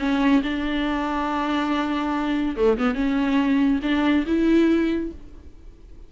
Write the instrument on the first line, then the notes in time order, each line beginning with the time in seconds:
viola
0.00 C#4
0.44 D4
2.57 A3
2.79 B3
2.95 C#4
3.83 D4
4.27 E4